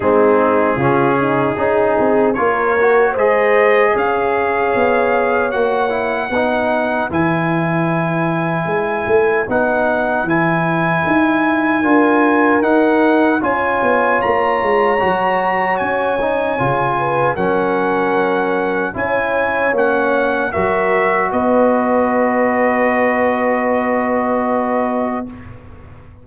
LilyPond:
<<
  \new Staff \with { instrumentName = "trumpet" } { \time 4/4 \tempo 4 = 76 gis'2. cis''4 | dis''4 f''2 fis''4~ | fis''4 gis''2. | fis''4 gis''2. |
fis''4 gis''4 ais''2 | gis''2 fis''2 | gis''4 fis''4 e''4 dis''4~ | dis''1 | }
  \new Staff \with { instrumentName = "horn" } { \time 4/4 dis'4 f'8 dis'8 gis'4 ais'4 | c''4 cis''2. | b'1~ | b'2. ais'4~ |
ais'4 cis''2.~ | cis''4. b'8 ais'2 | cis''2 ais'4 b'4~ | b'1 | }
  \new Staff \with { instrumentName = "trombone" } { \time 4/4 c'4 cis'4 dis'4 f'8 fis'8 | gis'2. fis'8 e'8 | dis'4 e'2. | dis'4 e'2 f'4 |
dis'4 f'2 fis'4~ | fis'8 dis'8 f'4 cis'2 | e'4 cis'4 fis'2~ | fis'1 | }
  \new Staff \with { instrumentName = "tuba" } { \time 4/4 gis4 cis4 cis'8 c'8 ais4 | gis4 cis'4 b4 ais4 | b4 e2 gis8 a8 | b4 e4 dis'4 d'4 |
dis'4 cis'8 b8 ais8 gis8 fis4 | cis'4 cis4 fis2 | cis'4 ais4 fis4 b4~ | b1 | }
>>